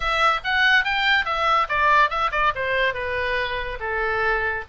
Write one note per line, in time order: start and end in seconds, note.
0.00 0.40 E5
0.44 0.84 F#5
0.84 1.25 G5
1.25 1.67 E5
1.68 2.09 D5
2.09 2.30 E5
2.31 2.52 D5
2.55 2.93 C5
2.93 3.78 B4
3.80 4.64 A4